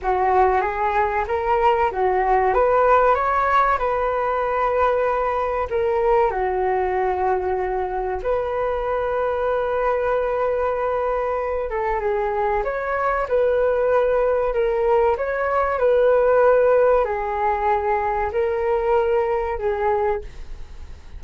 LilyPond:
\new Staff \with { instrumentName = "flute" } { \time 4/4 \tempo 4 = 95 fis'4 gis'4 ais'4 fis'4 | b'4 cis''4 b'2~ | b'4 ais'4 fis'2~ | fis'4 b'2.~ |
b'2~ b'8 a'8 gis'4 | cis''4 b'2 ais'4 | cis''4 b'2 gis'4~ | gis'4 ais'2 gis'4 | }